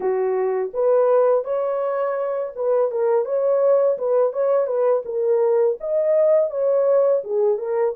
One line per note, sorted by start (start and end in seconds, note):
0.00 0.71 F#4
0.73 1.44 B4
1.44 2.52 C#5
2.55 2.91 B4
2.91 3.25 A#4
3.25 3.97 C#5
3.98 4.32 B4
4.32 4.66 C#5
4.66 5.02 B4
5.05 5.77 A#4
5.80 6.50 D#5
6.50 7.22 C#5
7.24 7.58 G#4
7.58 7.94 A#4